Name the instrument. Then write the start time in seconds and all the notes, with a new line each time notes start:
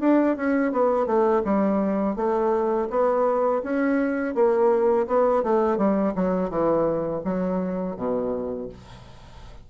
bassoon
0.00 D4
0.36 C#4
0.72 B3
1.06 A3
1.44 G3
2.16 A3
2.90 B3
3.63 C#4
4.34 A#3
5.07 B3
5.43 A3
5.77 G3
6.15 F#3
6.50 E3
7.25 F#3
7.96 B2